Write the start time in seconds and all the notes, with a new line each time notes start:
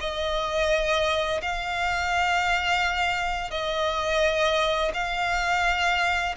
0.00 D#5
1.42 F5
3.50 D#5
4.94 F5